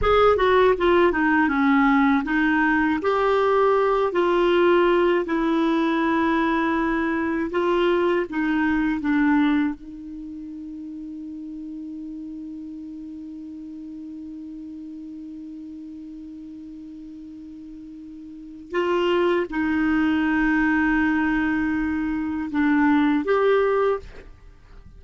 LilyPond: \new Staff \with { instrumentName = "clarinet" } { \time 4/4 \tempo 4 = 80 gis'8 fis'8 f'8 dis'8 cis'4 dis'4 | g'4. f'4. e'4~ | e'2 f'4 dis'4 | d'4 dis'2.~ |
dis'1~ | dis'1~ | dis'4 f'4 dis'2~ | dis'2 d'4 g'4 | }